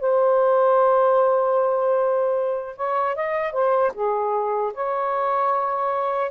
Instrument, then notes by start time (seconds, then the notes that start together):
saxophone
0.00 C5
2.76 C#5
3.15 D#5
3.52 C5
3.94 G#4
4.74 C#5